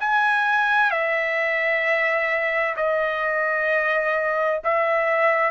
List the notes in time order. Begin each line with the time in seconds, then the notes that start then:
0.00 G#5
0.91 E5
2.76 D#5
4.64 E5